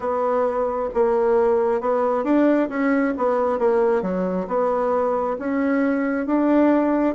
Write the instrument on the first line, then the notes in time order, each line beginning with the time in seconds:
bassoon
0.00 B3
0.94 A#3
1.81 B3
2.23 D4
2.69 C#4
3.17 B3
3.58 A#3
4.02 F#3
4.47 B3
5.38 C#4
6.26 D4